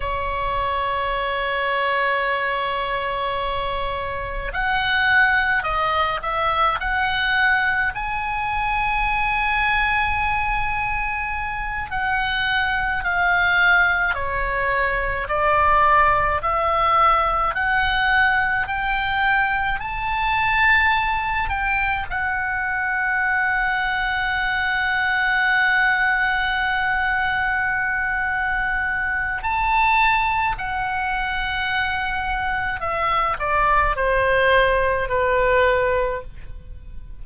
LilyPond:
\new Staff \with { instrumentName = "oboe" } { \time 4/4 \tempo 4 = 53 cis''1 | fis''4 dis''8 e''8 fis''4 gis''4~ | gis''2~ gis''8 fis''4 f''8~ | f''8 cis''4 d''4 e''4 fis''8~ |
fis''8 g''4 a''4. g''8 fis''8~ | fis''1~ | fis''2 a''4 fis''4~ | fis''4 e''8 d''8 c''4 b'4 | }